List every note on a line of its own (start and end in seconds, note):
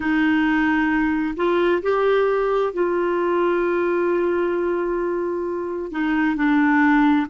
0.00 1.34 D#4
1.36 1.81 F4
1.82 2.73 G4
2.73 5.91 F4
5.91 6.36 D#4
6.36 7.26 D4